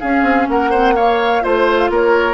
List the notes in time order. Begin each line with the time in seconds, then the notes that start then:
0.00 C#4 G#4 F5
0.23 C4
0.49 A#3 A#4 F#5
0.70 C4 C5
0.96 A#3 C#5 F5
1.41 A3 F4 C5
1.78 F5
1.90 A#3 A#4 C#5